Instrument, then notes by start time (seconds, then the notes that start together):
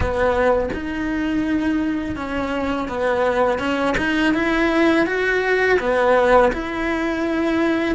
cello
0.00 B3
0.73 D#4
2.16 C#4
2.88 B3
3.58 C#4
3.97 D#4
4.34 E4
5.06 F#4
5.79 B3
6.52 E4